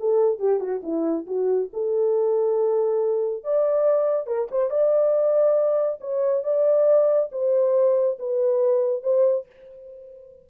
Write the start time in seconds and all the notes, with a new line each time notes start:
0.00 A4
0.39 G4
0.60 F#4
0.83 E4
1.27 F#4
1.73 A4
3.44 D5
4.27 A#4
4.51 C5
4.70 D5
6.01 C#5
6.44 D5
7.32 C5
8.19 B4
9.03 C5